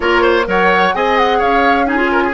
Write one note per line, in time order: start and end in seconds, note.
0.00 0.46 A#3
0.00 0.45 F4
0.00 0.21 A#4
0.00 0.47 C#5
0.21 0.45 C5
0.45 0.93 F#3
0.45 0.92 A#4
0.45 0.95 C#5
0.45 0.95 F#5
0.94 1.41 C4
0.94 1.86 G#4
0.94 1.38 D#5
0.94 1.17 G#5
1.17 1.41 F#5
1.38 2.33 C#4
1.38 1.85 C#5
1.38 1.86 F5
1.86 1.96 D#4
1.86 2.11 G#4
1.86 2.33 G#5
1.96 2.31 F4
2.11 2.23 A#4
2.23 2.33 G#4